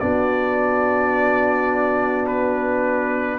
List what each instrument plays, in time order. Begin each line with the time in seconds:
0.00 tuba B3, trombone D4, horn F#4, trumpet D5
2.27 trumpet B4